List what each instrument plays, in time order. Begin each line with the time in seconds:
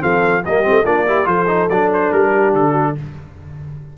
0.00 tuba F3, trombone C4, horn A4, trumpet F5
0.45 tuba G3, trombone A#3, horn G4, trumpet D#5
0.63 trombone C4
0.70 tuba A3
0.85 tuba A#3, trombone D4, horn F4, trumpet D5
1.06 trombone E4, horn G4
1.25 tuba F3, trombone F4, horn A4, trumpet C5
1.48 trombone D#4
1.69 tuba F#3, trombone D4, trumpet D5
1.93 trumpet C5
2.12 tuba G3, trumpet A#4
2.32 horn G4
2.54 tuba D3, trumpet A4
2.71 horn F#4